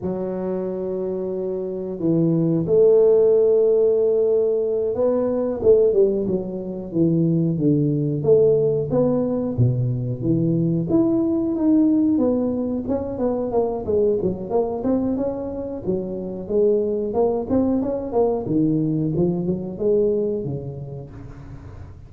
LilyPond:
\new Staff \with { instrumentName = "tuba" } { \time 4/4 \tempo 4 = 91 fis2. e4 | a2.~ a8 b8~ | b8 a8 g8 fis4 e4 d8~ | d8 a4 b4 b,4 e8~ |
e8 e'4 dis'4 b4 cis'8 | b8 ais8 gis8 fis8 ais8 c'8 cis'4 | fis4 gis4 ais8 c'8 cis'8 ais8 | dis4 f8 fis8 gis4 cis4 | }